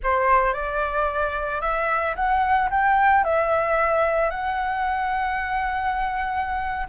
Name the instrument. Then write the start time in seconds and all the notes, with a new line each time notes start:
flute
0.03 C5
0.53 D5
1.61 E5
2.15 F#5
2.70 G5
3.24 E5
4.30 F#5